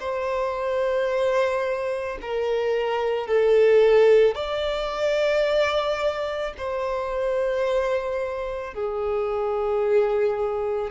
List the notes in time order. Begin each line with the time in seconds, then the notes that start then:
0.00 C5
2.22 A#4
3.28 A4
4.35 D5
6.58 C5
8.74 G#4